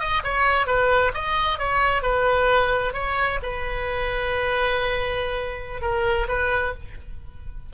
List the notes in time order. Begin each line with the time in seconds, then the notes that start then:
0.00 D#5
0.24 C#5
0.67 B4
1.14 D#5
1.59 C#5
2.03 B4
2.94 C#5
3.43 B4
5.82 A#4
6.28 B4